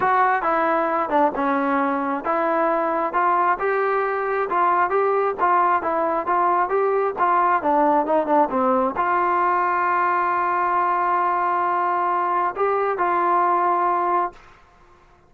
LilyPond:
\new Staff \with { instrumentName = "trombone" } { \time 4/4 \tempo 4 = 134 fis'4 e'4. d'8 cis'4~ | cis'4 e'2 f'4 | g'2 f'4 g'4 | f'4 e'4 f'4 g'4 |
f'4 d'4 dis'8 d'8 c'4 | f'1~ | f'1 | g'4 f'2. | }